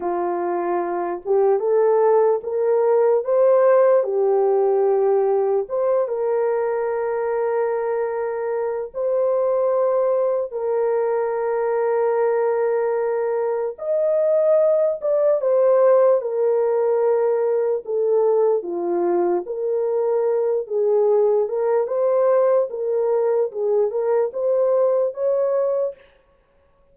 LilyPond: \new Staff \with { instrumentName = "horn" } { \time 4/4 \tempo 4 = 74 f'4. g'8 a'4 ais'4 | c''4 g'2 c''8 ais'8~ | ais'2. c''4~ | c''4 ais'2.~ |
ais'4 dis''4. d''8 c''4 | ais'2 a'4 f'4 | ais'4. gis'4 ais'8 c''4 | ais'4 gis'8 ais'8 c''4 cis''4 | }